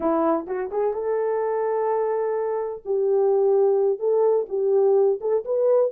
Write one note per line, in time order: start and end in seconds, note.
0.00 0.46 E4
0.47 0.70 F#4
0.71 0.93 G#4
0.93 2.82 A4
2.85 3.99 G4
3.99 4.46 A4
4.48 5.19 G4
5.20 5.44 A4
5.45 5.91 B4